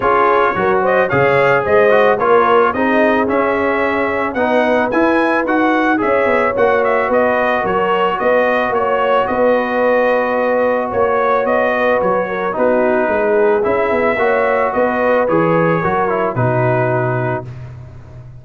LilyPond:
<<
  \new Staff \with { instrumentName = "trumpet" } { \time 4/4 \tempo 4 = 110 cis''4. dis''8 f''4 dis''4 | cis''4 dis''4 e''2 | fis''4 gis''4 fis''4 e''4 | fis''8 e''8 dis''4 cis''4 dis''4 |
cis''4 dis''2. | cis''4 dis''4 cis''4 b'4~ | b'4 e''2 dis''4 | cis''2 b'2 | }
  \new Staff \with { instrumentName = "horn" } { \time 4/4 gis'4 ais'8 c''8 cis''4 c''4 | ais'4 gis'2. | b'2. cis''4~ | cis''4 b'4 ais'4 b'4 |
cis''4 b'2. | cis''4. b'4 ais'8 fis'4 | gis'2 cis''4 b'4~ | b'4 ais'4 fis'2 | }
  \new Staff \with { instrumentName = "trombone" } { \time 4/4 f'4 fis'4 gis'4. fis'8 | f'4 dis'4 cis'2 | dis'4 e'4 fis'4 gis'4 | fis'1~ |
fis'1~ | fis'2. dis'4~ | dis'4 e'4 fis'2 | gis'4 fis'8 e'8 dis'2 | }
  \new Staff \with { instrumentName = "tuba" } { \time 4/4 cis'4 fis4 cis4 gis4 | ais4 c'4 cis'2 | b4 e'4 dis'4 cis'8 b8 | ais4 b4 fis4 b4 |
ais4 b2. | ais4 b4 fis4 b4 | gis4 cis'8 b8 ais4 b4 | e4 fis4 b,2 | }
>>